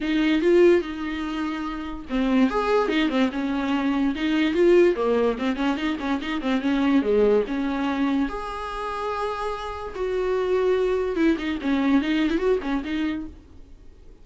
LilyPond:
\new Staff \with { instrumentName = "viola" } { \time 4/4 \tempo 4 = 145 dis'4 f'4 dis'2~ | dis'4 c'4 gis'4 dis'8 c'8 | cis'2 dis'4 f'4 | ais4 c'8 cis'8 dis'8 cis'8 dis'8 c'8 |
cis'4 gis4 cis'2 | gis'1 | fis'2. e'8 dis'8 | cis'4 dis'8. e'16 fis'8 cis'8 dis'4 | }